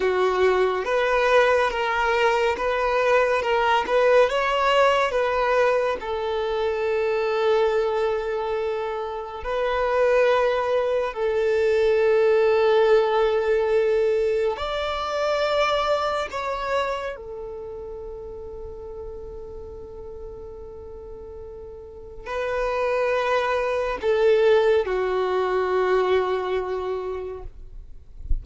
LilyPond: \new Staff \with { instrumentName = "violin" } { \time 4/4 \tempo 4 = 70 fis'4 b'4 ais'4 b'4 | ais'8 b'8 cis''4 b'4 a'4~ | a'2. b'4~ | b'4 a'2.~ |
a'4 d''2 cis''4 | a'1~ | a'2 b'2 | a'4 fis'2. | }